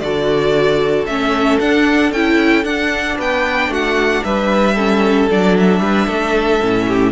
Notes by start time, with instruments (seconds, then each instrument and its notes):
0.00 cello D3, viola F#4, violin A4 D5
1.06 cello A3, viola C#4, violin E5
1.60 cello D4, viola D4, violin F#5
2.12 cello C#4, viola E4, violin G5
2.64 viola D4, cello D4, violin F#5
3.18 cello B3, violin B4 G5
3.69 cello A3, violin F#4 F#5
4.24 cello G3, violin B4 E5
4.76 viola C#4, violin A4
5.31 cello F#3, viola D4, violin D5
5.58 violin E5
5.80 cello G3, violin B4
6.07 cello A3, violin A4
6.61 cello A2, viola C#4
6.88 violin G4